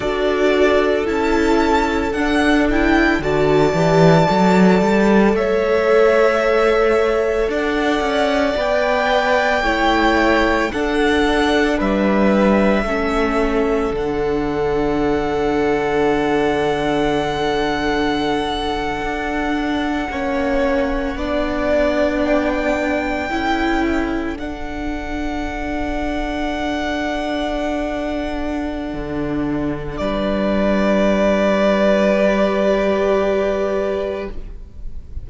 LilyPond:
<<
  \new Staff \with { instrumentName = "violin" } { \time 4/4 \tempo 4 = 56 d''4 a''4 fis''8 g''8 a''4~ | a''4 e''2 fis''4 | g''2 fis''4 e''4~ | e''4 fis''2.~ |
fis''1~ | fis''8. g''2 fis''4~ fis''16~ | fis''1 | d''1 | }
  \new Staff \with { instrumentName = "violin" } { \time 4/4 a'2. d''4~ | d''4 cis''2 d''4~ | d''4 cis''4 a'4 b'4 | a'1~ |
a'2~ a'8. cis''4 d''16~ | d''4.~ d''16 a'2~ a'16~ | a'1 | b'1 | }
  \new Staff \with { instrumentName = "viola" } { \time 4/4 fis'4 e'4 d'8 e'8 fis'8 g'8 | a'1 | b'4 e'4 d'2 | cis'4 d'2.~ |
d'2~ d'8. cis'4 d'16~ | d'4.~ d'16 e'4 d'4~ d'16~ | d'1~ | d'2 g'2 | }
  \new Staff \with { instrumentName = "cello" } { \time 4/4 d'4 cis'4 d'4 d8 e8 | fis8 g8 a2 d'8 cis'8 | b4 a4 d'4 g4 | a4 d2.~ |
d4.~ d16 d'4 ais4 b16~ | b4.~ b16 cis'4 d'4~ d'16~ | d'2. d4 | g1 | }
>>